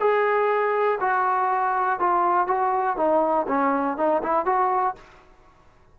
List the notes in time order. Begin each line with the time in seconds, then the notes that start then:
0.00 G#4
1.01 F#4
2.00 F4
2.47 F#4
2.97 D#4
3.48 C#4
3.97 D#4
4.23 E4
4.46 F#4